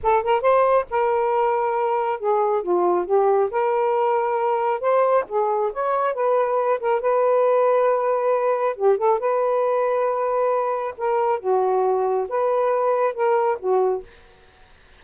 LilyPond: \new Staff \with { instrumentName = "saxophone" } { \time 4/4 \tempo 4 = 137 a'8 ais'8 c''4 ais'2~ | ais'4 gis'4 f'4 g'4 | ais'2. c''4 | gis'4 cis''4 b'4. ais'8 |
b'1 | g'8 a'8 b'2.~ | b'4 ais'4 fis'2 | b'2 ais'4 fis'4 | }